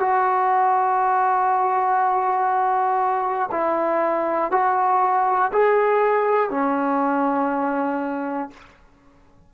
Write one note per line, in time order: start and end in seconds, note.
0.00 3.50 F#4
3.51 4.51 E4
4.51 5.51 F#4
5.53 6.50 G#4
6.50 8.50 C#4